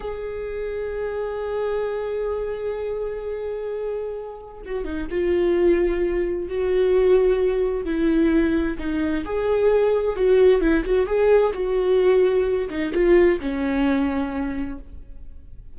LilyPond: \new Staff \with { instrumentName = "viola" } { \time 4/4 \tempo 4 = 130 gis'1~ | gis'1~ | gis'2 fis'8 dis'8 f'4~ | f'2 fis'2~ |
fis'4 e'2 dis'4 | gis'2 fis'4 e'8 fis'8 | gis'4 fis'2~ fis'8 dis'8 | f'4 cis'2. | }